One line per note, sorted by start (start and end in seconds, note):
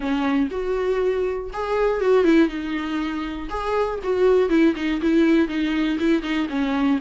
0.00 0.48 C#4
0.50 1.50 F#4
1.53 2.00 G#4
2.00 2.24 F#4
2.24 2.48 E4
2.48 3.48 D#4
3.49 3.99 G#4
4.03 4.49 F#4
4.49 4.74 E4
4.75 5.00 D#4
5.01 5.47 E4
5.47 5.97 D#4
5.99 6.22 E4
6.22 6.47 D#4
6.49 6.99 C#4